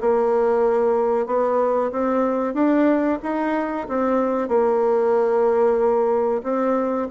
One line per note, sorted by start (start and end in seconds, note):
0.00 1.26 A#3
1.26 1.91 B3
1.91 2.54 C4
2.54 3.18 D4
3.22 3.87 D#4
3.88 4.48 C4
4.48 6.42 A#3
6.43 7.07 C4